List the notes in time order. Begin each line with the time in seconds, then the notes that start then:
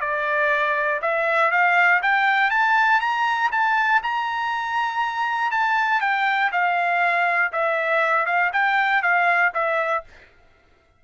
0.00 D5
1.01 E5
1.51 F5
2.02 G5
2.50 A5
3.00 A#5
3.51 A5
4.02 A#5
5.51 A5
6.00 G5
6.52 F5
7.52 E5
8.25 F5
8.52 G5
9.02 F5
9.54 E5